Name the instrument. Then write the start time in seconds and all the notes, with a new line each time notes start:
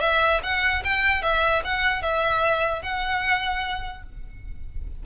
violin
0.00 E5
0.43 F#5
0.84 G5
1.22 E5
1.64 F#5
2.02 E5
2.82 F#5